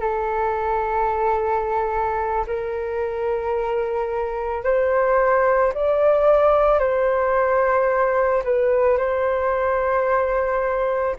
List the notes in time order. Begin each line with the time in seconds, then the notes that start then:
0.00 A4
2.47 A#4
4.64 C5
5.74 D5
6.79 C5
8.44 B4
8.98 C5